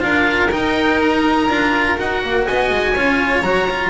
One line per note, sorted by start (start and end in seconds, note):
0.00 0.51 D4
0.00 0.49 F4
0.00 2.47 A#4
0.00 0.51 F5
0.51 1.49 D#4
0.51 1.48 D#4
0.51 1.00 G5
1.02 1.99 A#5
1.48 1.97 D4
1.48 1.98 F4
1.98 2.23 D#4
1.98 2.95 F#4
1.98 2.46 F#5
2.23 2.47 A#3
2.46 2.70 B3
2.46 2.93 D#5
2.46 3.42 G#5
2.70 2.94 G#3
2.93 3.42 C#4
2.93 3.44 F4
2.93 3.89 C#5
3.42 3.89 F#3
3.42 3.69 F#4
3.42 3.89 A#5
3.70 3.89 F4